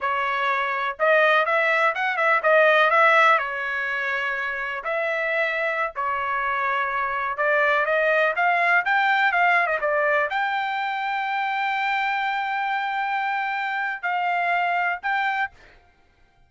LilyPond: \new Staff \with { instrumentName = "trumpet" } { \time 4/4 \tempo 4 = 124 cis''2 dis''4 e''4 | fis''8 e''8 dis''4 e''4 cis''4~ | cis''2 e''2~ | e''16 cis''2. d''8.~ |
d''16 dis''4 f''4 g''4 f''8. | dis''16 d''4 g''2~ g''8.~ | g''1~ | g''4 f''2 g''4 | }